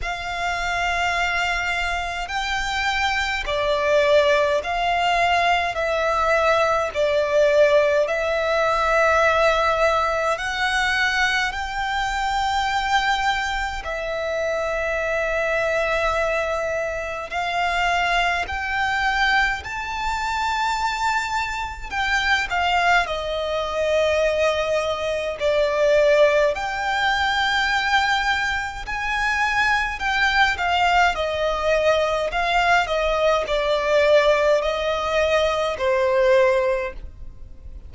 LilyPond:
\new Staff \with { instrumentName = "violin" } { \time 4/4 \tempo 4 = 52 f''2 g''4 d''4 | f''4 e''4 d''4 e''4~ | e''4 fis''4 g''2 | e''2. f''4 |
g''4 a''2 g''8 f''8 | dis''2 d''4 g''4~ | g''4 gis''4 g''8 f''8 dis''4 | f''8 dis''8 d''4 dis''4 c''4 | }